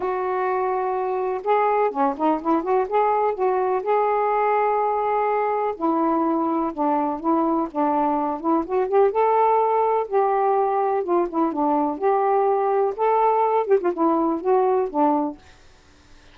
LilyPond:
\new Staff \with { instrumentName = "saxophone" } { \time 4/4 \tempo 4 = 125 fis'2. gis'4 | cis'8 dis'8 e'8 fis'8 gis'4 fis'4 | gis'1 | e'2 d'4 e'4 |
d'4. e'8 fis'8 g'8 a'4~ | a'4 g'2 f'8 e'8 | d'4 g'2 a'4~ | a'8 g'16 f'16 e'4 fis'4 d'4 | }